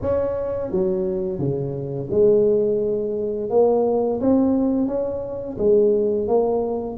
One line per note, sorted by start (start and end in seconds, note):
0.01 0.71 C#4
0.71 1.38 F#3
1.38 2.08 C#3
2.10 3.49 G#3
3.50 4.20 A#3
4.20 4.87 C4
4.87 5.57 C#4
5.58 6.27 G#3
6.27 6.97 A#3